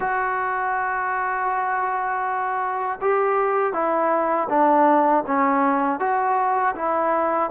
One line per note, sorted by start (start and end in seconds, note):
0.00 2.99 F#4
3.01 3.73 G4
3.73 4.48 E4
4.49 5.24 D4
5.27 5.99 C#4
5.99 6.74 F#4
6.75 7.50 E4